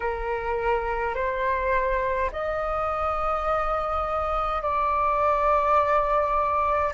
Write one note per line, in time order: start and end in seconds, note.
0.00 1.14 A#4
1.14 2.30 C5
2.31 4.62 D#5
4.62 6.92 D5